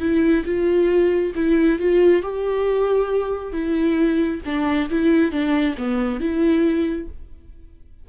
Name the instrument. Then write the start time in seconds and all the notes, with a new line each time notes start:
viola
0.00 E4
0.45 F4
1.36 E4
1.79 F4
2.23 G4
3.53 E4
4.45 D4
4.90 E4
5.32 D4
5.78 B3
6.20 E4